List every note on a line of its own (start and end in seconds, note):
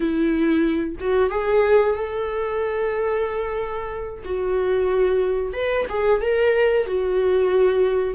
0.00 0.96 E4
1.00 1.30 F#4
1.30 1.95 G#4
1.95 4.23 A4
4.25 5.53 F#4
5.53 5.85 B4
5.89 6.21 G#4
6.21 6.86 A#4
6.86 8.14 F#4